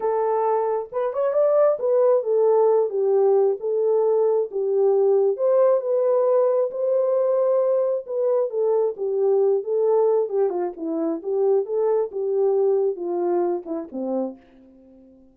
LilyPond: \new Staff \with { instrumentName = "horn" } { \time 4/4 \tempo 4 = 134 a'2 b'8 cis''8 d''4 | b'4 a'4. g'4. | a'2 g'2 | c''4 b'2 c''4~ |
c''2 b'4 a'4 | g'4. a'4. g'8 f'8 | e'4 g'4 a'4 g'4~ | g'4 f'4. e'8 c'4 | }